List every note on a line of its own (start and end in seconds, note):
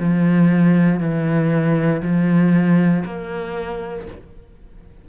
0.00 1.00 F3
1.00 2.02 E3
2.02 3.04 F3
3.06 4.07 A#3